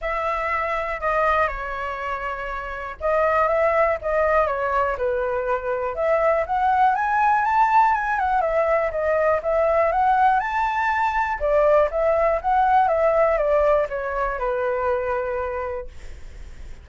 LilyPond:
\new Staff \with { instrumentName = "flute" } { \time 4/4 \tempo 4 = 121 e''2 dis''4 cis''4~ | cis''2 dis''4 e''4 | dis''4 cis''4 b'2 | e''4 fis''4 gis''4 a''4 |
gis''8 fis''8 e''4 dis''4 e''4 | fis''4 a''2 d''4 | e''4 fis''4 e''4 d''4 | cis''4 b'2. | }